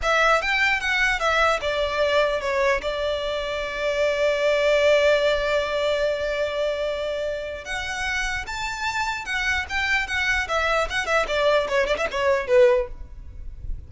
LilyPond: \new Staff \with { instrumentName = "violin" } { \time 4/4 \tempo 4 = 149 e''4 g''4 fis''4 e''4 | d''2 cis''4 d''4~ | d''1~ | d''1~ |
d''2. fis''4~ | fis''4 a''2 fis''4 | g''4 fis''4 e''4 fis''8 e''8 | d''4 cis''8 d''16 e''16 cis''4 b'4 | }